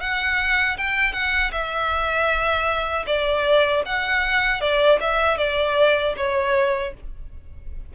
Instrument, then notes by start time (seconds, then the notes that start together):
violin
0.00 F#5
0.77 G5
1.13 F#5
1.51 E5
3.06 D5
3.85 F#5
4.60 D5
5.00 E5
5.37 D5
6.16 C#5